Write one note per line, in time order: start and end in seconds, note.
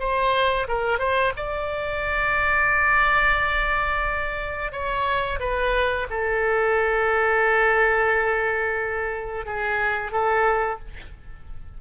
0.00 0.67 C5
0.68 0.99 A#4
0.99 1.33 C5
1.36 4.72 D5
4.72 5.40 C#5
5.40 6.07 B4
6.10 9.46 A4
9.46 10.12 G#4
10.12 10.79 A4